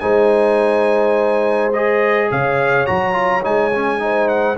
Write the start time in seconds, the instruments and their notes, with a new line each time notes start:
0.00 tuba G#3, trombone D#4, horn C5, trumpet G#5
1.73 trombone G#4, trumpet D#5
2.31 tuba C#3, horn C#5, trumpet F5
2.86 tuba F#3, trombone F#4, trumpet A#5
3.13 trombone F4
3.43 tuba G#3, trombone D#4, trumpet G#5
3.75 trombone C#4
3.99 trombone D#4, horn C5
4.28 trumpet F#5